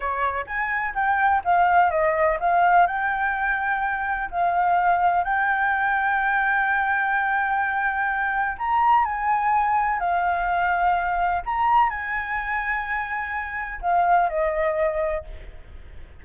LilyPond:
\new Staff \with { instrumentName = "flute" } { \time 4/4 \tempo 4 = 126 cis''4 gis''4 g''4 f''4 | dis''4 f''4 g''2~ | g''4 f''2 g''4~ | g''1~ |
g''2 ais''4 gis''4~ | gis''4 f''2. | ais''4 gis''2.~ | gis''4 f''4 dis''2 | }